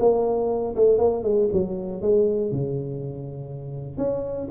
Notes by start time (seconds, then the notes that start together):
0.00 A#3
0.76 A3
0.99 A#3
1.24 G#3
1.53 F#3
2.02 G#3
2.52 C#3
3.98 C#4